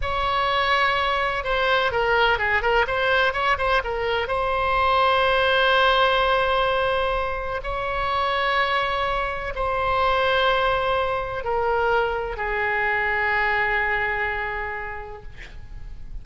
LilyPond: \new Staff \with { instrumentName = "oboe" } { \time 4/4 \tempo 4 = 126 cis''2. c''4 | ais'4 gis'8 ais'8 c''4 cis''8 c''8 | ais'4 c''2.~ | c''1 |
cis''1 | c''1 | ais'2 gis'2~ | gis'1 | }